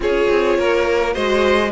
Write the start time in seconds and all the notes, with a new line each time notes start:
0.00 C#4 F4 G#4 C#5
0.29 C4
0.58 A#3 A#4
1.13 G#3 F#4 C5 D#5